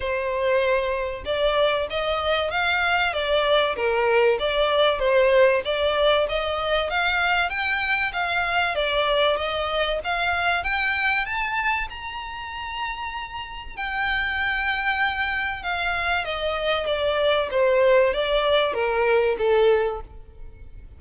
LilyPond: \new Staff \with { instrumentName = "violin" } { \time 4/4 \tempo 4 = 96 c''2 d''4 dis''4 | f''4 d''4 ais'4 d''4 | c''4 d''4 dis''4 f''4 | g''4 f''4 d''4 dis''4 |
f''4 g''4 a''4 ais''4~ | ais''2 g''2~ | g''4 f''4 dis''4 d''4 | c''4 d''4 ais'4 a'4 | }